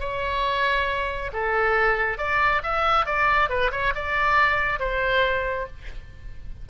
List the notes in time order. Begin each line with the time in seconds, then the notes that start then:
0.00 C#5
1.33 A4
2.18 D5
2.63 E5
3.06 D5
3.49 B4
3.71 C#5
3.95 D5
4.79 C5